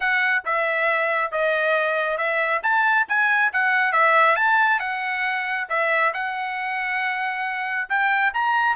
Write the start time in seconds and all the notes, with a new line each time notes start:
0.00 F#5
0.45 E5
1.31 D#5
2.17 E5
2.63 A5
3.08 G#5
3.53 F#5
3.92 E5
4.36 A5
4.79 F#5
5.69 E5
6.13 F#5
7.89 G5
8.33 A#5